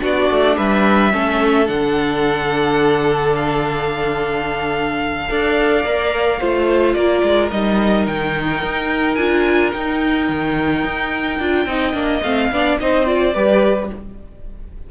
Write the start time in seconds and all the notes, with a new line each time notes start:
0.00 B3 D4 F#4 D5
0.31 A3
0.57 G3 B4 E5
1.12 A3 C#4 A4
1.66 D3 D4 F#5
3.35 F5
5.29 D4 A4 D5
5.84 A#3 A#4
6.40 A3 F4 C5
6.94 A#3 A#4 D5
7.23 G#3
7.51 G3 D#4 D#5
8.07 D#3 G5
8.63 D#4
9.15 D4 F4 G#5
9.72 D#4 G5
10.29 D#3
10.85 D#4
11.39 D4 F4
11.66 C4 D#4 D#5
11.93 A#3 D4
12.23 A3 C4 F5
12.51 B3 D4 D5
12.80 C4 D#4 C5 D#5
13.06 F4 D5
13.34 G3 G4 B4